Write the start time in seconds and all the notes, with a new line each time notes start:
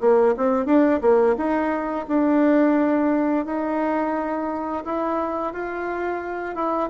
0.00 A#3
0.37 C4
0.66 D4
1.01 A#3
1.37 D#4
2.08 D4
3.45 D#4
4.85 E4
5.53 F4
6.55 E4